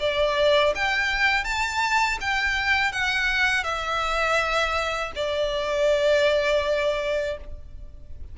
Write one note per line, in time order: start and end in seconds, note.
0.00 0.74 D5
0.75 1.44 G5
1.44 2.19 A5
2.21 2.93 G5
2.93 3.64 F#5
3.64 5.12 E5
5.15 7.38 D5